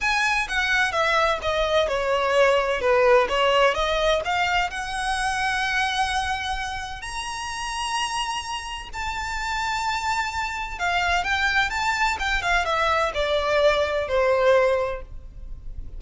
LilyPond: \new Staff \with { instrumentName = "violin" } { \time 4/4 \tempo 4 = 128 gis''4 fis''4 e''4 dis''4 | cis''2 b'4 cis''4 | dis''4 f''4 fis''2~ | fis''2. ais''4~ |
ais''2. a''4~ | a''2. f''4 | g''4 a''4 g''8 f''8 e''4 | d''2 c''2 | }